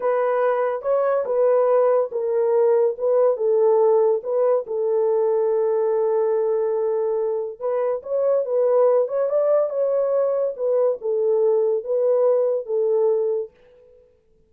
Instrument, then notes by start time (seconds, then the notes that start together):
horn
0.00 B4
0.82 C#5
1.25 B4
2.11 A#4
2.98 B4
3.36 A4
4.23 B4
4.67 A4
7.59 B4
8.02 C#5
8.45 B4
9.07 C#5
9.29 D5
9.69 C#5
10.56 B4
11.01 A4
11.84 B4
12.66 A4